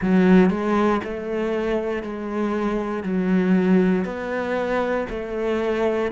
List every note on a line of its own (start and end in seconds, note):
0.01 0.49 F#3
0.49 1.00 G#3
1.04 2.02 A3
2.02 3.03 G#3
3.03 4.04 F#3
4.04 5.06 B3
5.09 6.11 A3